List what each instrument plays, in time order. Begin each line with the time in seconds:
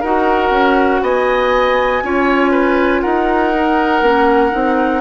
0.00 bassoon D#4, clarinet F#4, oboe A#4, flute F#5
0.50 bassoon C#4
1.02 bassoon B3, oboe D#5, flute G#5
2.02 bassoon C#4, clarinet F4, oboe C#5
2.51 oboe B4
3.01 bassoon D#4, oboe A#4, flute F#5
3.54 clarinet D#4
4.01 bassoon A#3, clarinet C#4
4.51 bassoon C4, clarinet D#4